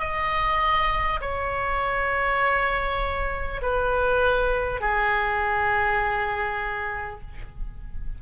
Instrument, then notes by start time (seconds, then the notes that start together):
oboe
0.00 D#5
1.22 C#5
3.62 B4
4.81 G#4